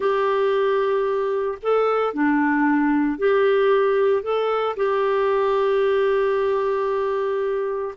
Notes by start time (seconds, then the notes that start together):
0.00 G4
1.62 A4
2.13 D4
3.18 G4
4.22 A4
4.76 G4